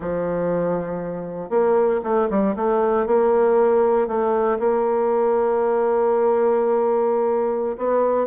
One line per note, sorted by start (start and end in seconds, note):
0.00 1.49 F3
1.49 2.00 A#3
2.03 2.29 A3
2.30 2.55 G3
2.55 3.06 A3
3.06 4.07 A#3
4.07 4.58 A3
4.59 7.77 A#3
7.77 8.26 B3